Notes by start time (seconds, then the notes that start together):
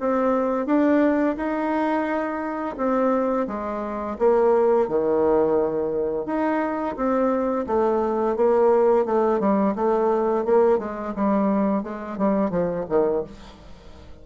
0.00 C4
0.66 D4
1.36 D#4
2.77 C4
3.47 G#3
4.19 A#3
4.88 D#3
6.26 D#4
6.96 C4
7.66 A3
8.36 A#3
9.05 A3
9.40 G3
9.75 A3
10.45 A#3
10.79 G#3
11.15 G3
11.83 G#3
12.18 G3
12.50 F3
12.89 D#3